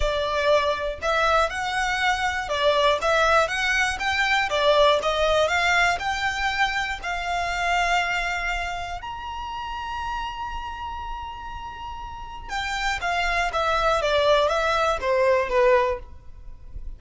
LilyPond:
\new Staff \with { instrumentName = "violin" } { \time 4/4 \tempo 4 = 120 d''2 e''4 fis''4~ | fis''4 d''4 e''4 fis''4 | g''4 d''4 dis''4 f''4 | g''2 f''2~ |
f''2 ais''2~ | ais''1~ | ais''4 g''4 f''4 e''4 | d''4 e''4 c''4 b'4 | }